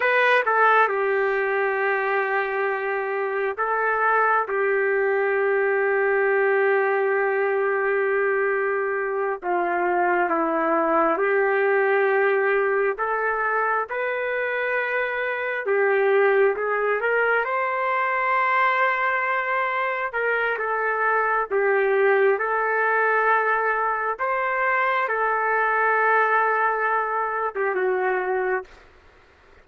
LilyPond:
\new Staff \with { instrumentName = "trumpet" } { \time 4/4 \tempo 4 = 67 b'8 a'8 g'2. | a'4 g'2.~ | g'2~ g'8 f'4 e'8~ | e'8 g'2 a'4 b'8~ |
b'4. g'4 gis'8 ais'8 c''8~ | c''2~ c''8 ais'8 a'4 | g'4 a'2 c''4 | a'2~ a'8. g'16 fis'4 | }